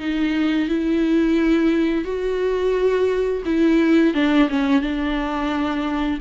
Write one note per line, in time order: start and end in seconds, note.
0.00 0.69 D#4
0.69 2.05 E4
2.05 3.43 F#4
3.45 4.14 E4
4.14 4.49 D4
4.50 4.81 C#4
4.81 6.19 D4